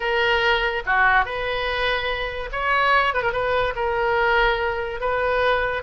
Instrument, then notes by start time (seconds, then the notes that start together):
oboe
0.00 A#4
0.86 F#4
1.25 B4
2.52 C#5
3.14 B4
3.22 A#4
3.32 B4
3.75 A#4
5.00 B4